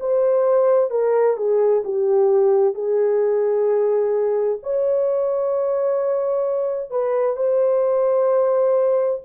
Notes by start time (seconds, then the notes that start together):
0.00 C5
0.91 A#4
1.37 G#4
1.85 G4
2.74 G#4
4.63 C#5
6.91 B4
7.36 C5